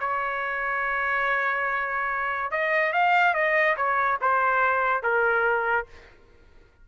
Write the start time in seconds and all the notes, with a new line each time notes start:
0.00 C#5
2.51 D#5
2.93 F5
3.34 D#5
3.76 C#5
4.21 C5
5.02 A#4